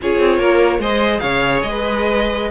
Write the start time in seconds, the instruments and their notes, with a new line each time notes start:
0.01 cello C#4, viola F4, violin G#4 C#5
0.19 cello C4
0.38 cello A#3, violin A#4
0.78 cello G#3, viola G#4, violin C5 D#5
1.19 cello C#3, violin C#5 F5
1.62 cello G#3, violin D#5
1.70 violin B4